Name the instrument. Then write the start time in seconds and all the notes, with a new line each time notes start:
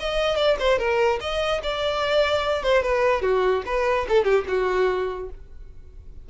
violin
0.00 D#5
0.36 D5
0.60 C5
0.79 A#4
1.21 D#5
1.63 D5
2.63 C5
2.83 B4
3.22 F#4
3.66 B4
4.09 A4
4.24 G4
4.48 F#4